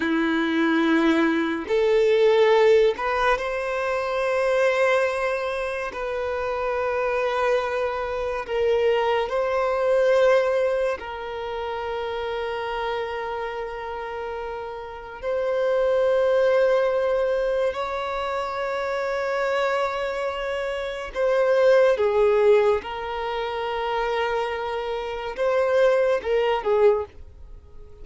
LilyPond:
\new Staff \with { instrumentName = "violin" } { \time 4/4 \tempo 4 = 71 e'2 a'4. b'8 | c''2. b'4~ | b'2 ais'4 c''4~ | c''4 ais'2.~ |
ais'2 c''2~ | c''4 cis''2.~ | cis''4 c''4 gis'4 ais'4~ | ais'2 c''4 ais'8 gis'8 | }